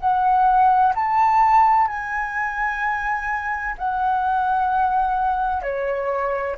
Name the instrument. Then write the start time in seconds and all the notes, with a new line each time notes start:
flute
0.00 F#5
0.95 A5
1.88 G#5
3.78 F#5
5.62 C#5